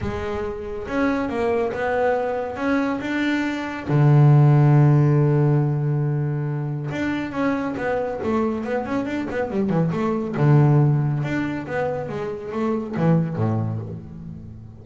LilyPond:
\new Staff \with { instrumentName = "double bass" } { \time 4/4 \tempo 4 = 139 gis2 cis'4 ais4 | b2 cis'4 d'4~ | d'4 d2.~ | d1 |
d'4 cis'4 b4 a4 | b8 cis'8 d'8 b8 g8 e8 a4 | d2 d'4 b4 | gis4 a4 e4 a,4 | }